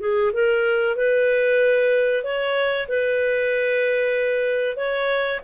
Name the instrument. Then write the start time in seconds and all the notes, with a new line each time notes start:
clarinet
0.00 G#4
0.33 A#4
0.96 B4
2.24 C#5
2.88 B4
4.77 C#5